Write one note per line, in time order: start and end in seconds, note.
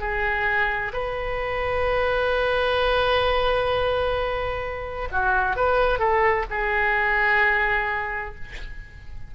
0.00 0.92 G#4
0.93 5.09 B4
5.11 5.56 F#4
5.56 5.99 B4
5.99 6.45 A4
6.50 8.35 G#4